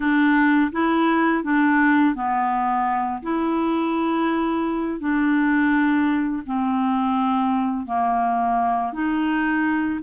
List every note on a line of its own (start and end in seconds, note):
0.00 0.71 D4
0.71 1.43 E4
1.43 2.14 D4
2.14 3.21 B3
3.22 5.00 E4
5.00 6.43 D4
6.45 7.85 C4
7.85 8.93 A#3
8.93 10.00 D#4